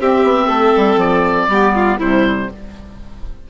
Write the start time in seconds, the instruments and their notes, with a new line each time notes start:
0.00 bassoon C4, clarinet C4, violin G4, oboe E5
0.23 bassoon B3
0.47 bassoon A3, violin A4
0.76 bassoon G3
0.96 bassoon F3, oboe D5
1.48 bassoon G3, clarinet B3, violin G4
1.75 violin F4
1.98 bassoon C3, clarinet G3, violin E4, oboe C5